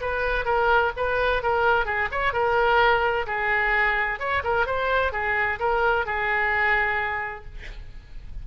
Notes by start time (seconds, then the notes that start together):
0.00 B4
0.45 A#4
0.96 B4
1.42 A#4
1.85 G#4
2.11 C#5
2.33 A#4
3.26 G#4
4.19 C#5
4.43 A#4
4.66 C5
5.12 G#4
5.59 A#4
6.05 G#4